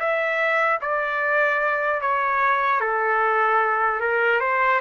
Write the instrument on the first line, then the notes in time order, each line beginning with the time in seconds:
trumpet
0.00 E5
0.81 D5
2.02 C#5
2.81 A4
4.01 A#4
4.41 C5